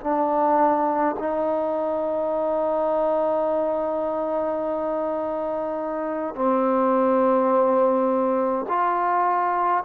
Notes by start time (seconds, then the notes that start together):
0.00 D4
1.19 D#4
6.35 C4
8.68 F4